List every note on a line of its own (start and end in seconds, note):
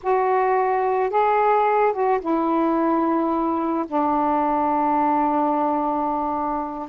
0.03 1.10 F#4
1.10 1.92 G#4
1.92 2.19 F#4
2.20 3.85 E4
3.87 6.88 D4